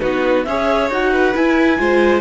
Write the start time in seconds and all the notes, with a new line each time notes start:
0.00 B3 D#4 F#4 B4
0.44 C#4 G#4 C#5 E5
0.89 D#4 F#4 F#5
1.12 B4
1.34 E4 G#5
1.77 G#3 F4 C5